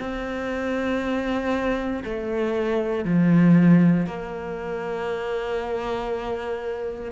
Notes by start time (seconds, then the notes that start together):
0.00 C4
2.05 A3
3.05 F3
4.07 A#3